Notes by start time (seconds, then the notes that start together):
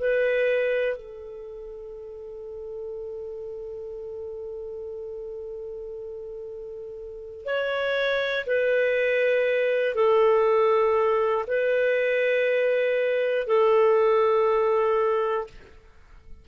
0.00 B4
0.97 A4
7.45 C#5
8.47 B4
9.95 A4
11.48 B4
13.47 A4